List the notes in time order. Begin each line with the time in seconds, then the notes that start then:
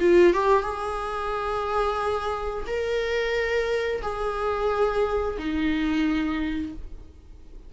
0.00 F4
0.33 G4
0.63 G#4
2.67 A#4
4.02 G#4
5.38 D#4